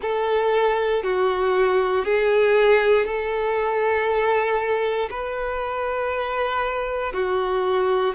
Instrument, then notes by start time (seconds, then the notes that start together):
violin
0.01 A4
1.03 F#4
2.04 G#4
3.06 A4
5.10 B4
7.12 F#4